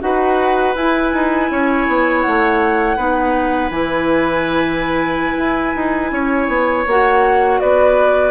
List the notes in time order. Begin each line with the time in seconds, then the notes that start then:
0.00 D#4 F#4 B4 F#5
0.75 E4 G#5
1.13 D#4
1.50 C#4 C#5
1.87 B3
2.21 A3 F#5
2.96 B3 D#4 B4
3.70 E3 E4 G#5
5.38 E4
5.75 D#4
6.11 C#4 C#5
6.48 B3
6.86 A#3 F#4 F#5
7.60 B3 B4 D5